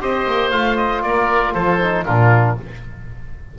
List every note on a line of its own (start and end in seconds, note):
0.00 0.26 C4
0.00 0.52 G4
0.00 1.03 C5
0.00 0.51 D#5
0.26 0.51 A#3
0.51 1.03 A3
0.51 1.80 F4
0.51 0.76 F5
0.76 1.02 D#5
1.02 1.54 A#3
1.02 1.54 A#4
1.02 1.53 D5
1.53 2.06 F3
1.53 2.05 A4
1.53 2.05 C5
1.81 2.06 D#4
2.05 2.58 A#2
2.05 2.57 D4
2.05 2.56 F4
2.05 2.56 A#4